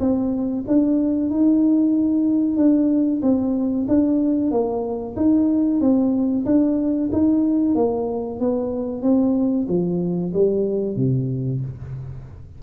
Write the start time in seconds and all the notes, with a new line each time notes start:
0.00 C4
0.67 D4
1.30 D#4
2.56 D4
3.22 C4
3.88 D4
4.51 A#3
5.16 D#4
5.81 C4
6.45 D4
7.12 D#4
7.75 A#3
8.40 B3
9.02 C4
9.68 F3
10.33 G3
10.96 C3